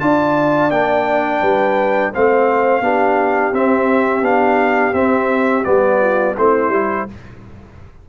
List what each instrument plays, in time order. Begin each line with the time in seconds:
0.00 tuba D4, trombone F4, horn D5, trumpet A5
0.71 tuba A#3, trombone D4, trumpet G5
1.41 tuba G3, horn B4
2.14 tuba A3, trombone C4, horn C5, trumpet F5
2.81 tuba B3, trombone D4, horn G4
3.52 tuba C4, trombone C4, trumpet E5
4.21 tuba B3, trombone D4, trumpet F5
4.93 trombone C4, tuba C4, trumpet E5
5.64 tuba G3, trombone B3, trumpet D5
6.00 horn F4
6.37 tuba A3, trombone C4, horn E4, trumpet C5
6.69 tuba G3, trombone E4